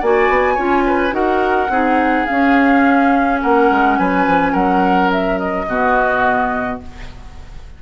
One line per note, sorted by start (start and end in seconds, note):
0.00 0.29 A#3
0.00 0.57 F#4
0.00 0.55 D5
0.00 1.14 G#5
0.29 0.57 B3
0.55 1.12 C#4
0.55 1.11 F4
0.55 0.83 C#5
0.87 1.15 B4
1.11 1.69 D#4
1.11 1.67 F#4
1.11 1.72 A#4
1.11 2.26 F#5
1.69 2.26 C4
1.69 2.28 D#4
1.69 3.41 G#4
2.26 5.67 C#4
2.26 3.44 C#4
2.26 3.39 F5
3.42 3.71 A#3
3.42 3.99 A#4
3.42 3.99 F#5
3.71 3.99 G#3
3.99 4.27 F#3
3.99 4.52 B4
3.99 4.54 G#5
4.27 4.54 F3
4.52 5.67 F#3
4.52 5.66 A#4
4.52 5.11 F#5
5.12 5.39 E5
5.39 6.81 D#5
5.67 6.80 B2
5.67 6.82 B3
5.67 6.82 F#4